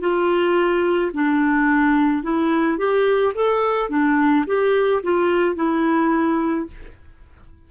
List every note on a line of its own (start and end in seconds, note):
0.00 1.11 F4
1.13 2.23 D4
2.23 2.78 E4
2.78 3.33 G4
3.34 3.89 A4
3.89 4.44 D4
4.46 5.02 G4
5.03 5.55 F4
5.55 6.66 E4